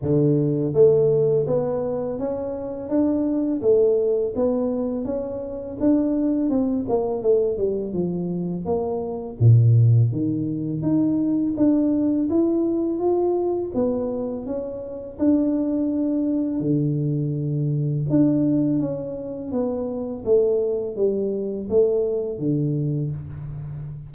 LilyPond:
\new Staff \with { instrumentName = "tuba" } { \time 4/4 \tempo 4 = 83 d4 a4 b4 cis'4 | d'4 a4 b4 cis'4 | d'4 c'8 ais8 a8 g8 f4 | ais4 ais,4 dis4 dis'4 |
d'4 e'4 f'4 b4 | cis'4 d'2 d4~ | d4 d'4 cis'4 b4 | a4 g4 a4 d4 | }